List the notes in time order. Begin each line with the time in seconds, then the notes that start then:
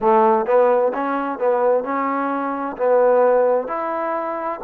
0.00 A3
0.46 B3
0.93 C#4
1.38 B3
1.84 C#4
2.77 B3
3.67 E4